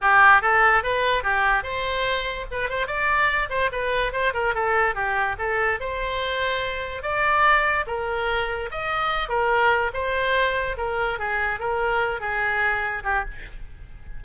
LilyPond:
\new Staff \with { instrumentName = "oboe" } { \time 4/4 \tempo 4 = 145 g'4 a'4 b'4 g'4 | c''2 b'8 c''8 d''4~ | d''8 c''8 b'4 c''8 ais'8 a'4 | g'4 a'4 c''2~ |
c''4 d''2 ais'4~ | ais'4 dis''4. ais'4. | c''2 ais'4 gis'4 | ais'4. gis'2 g'8 | }